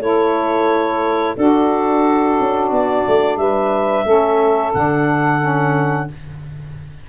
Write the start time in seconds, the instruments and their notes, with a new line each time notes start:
0.00 tuba A3, saxophone E4 A4, clarinet C#5
1.36 saxophone D4 F#4, tuba D4, clarinet A4
2.40 tuba C#4
2.71 tuba B3, clarinet D5
3.07 tuba A3
3.37 tuba G3, saxophone B4, clarinet E5
4.05 tuba A3, saxophone C#4 A4
4.73 tuba D3, saxophone D4, clarinet F#5
5.40 saxophone C#4